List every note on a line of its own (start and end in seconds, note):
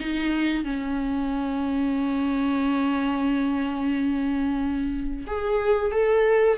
0.00 0.65 D#4
0.65 5.26 C#4
5.27 5.92 G#4
5.92 6.58 A4